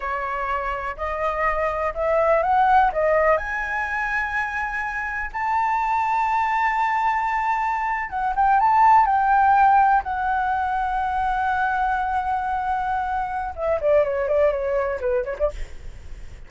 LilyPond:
\new Staff \with { instrumentName = "flute" } { \time 4/4 \tempo 4 = 124 cis''2 dis''2 | e''4 fis''4 dis''4 gis''4~ | gis''2. a''4~ | a''1~ |
a''8. fis''8 g''8 a''4 g''4~ g''16~ | g''8. fis''2.~ fis''16~ | fis''1 | e''8 d''8 cis''8 d''8 cis''4 b'8 cis''16 d''16 | }